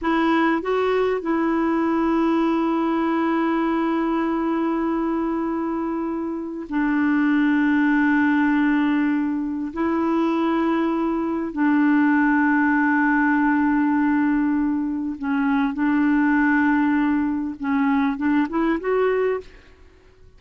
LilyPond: \new Staff \with { instrumentName = "clarinet" } { \time 4/4 \tempo 4 = 99 e'4 fis'4 e'2~ | e'1~ | e'2. d'4~ | d'1 |
e'2. d'4~ | d'1~ | d'4 cis'4 d'2~ | d'4 cis'4 d'8 e'8 fis'4 | }